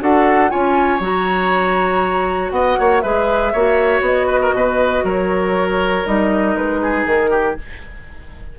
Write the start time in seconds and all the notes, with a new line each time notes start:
0.00 D4 F#4 A4 F#5
0.49 C#4 F4 C#5 G#5
1.00 F#3 F#4 A#5
2.51 B3 D#5 F#5
2.79 A#3 C#5
3.01 G#3 G#4 B4 E5
3.53 A#3 F#4 C#5
4.01 B3 D#5
4.27 B4
4.42 A#4
4.53 B2 B4
5.04 F#3 A#4 C#5
6.06 G3 D#4 D#5
6.57 G#3 B4
6.82 G#4
7.06 D#3 A#4
7.31 G4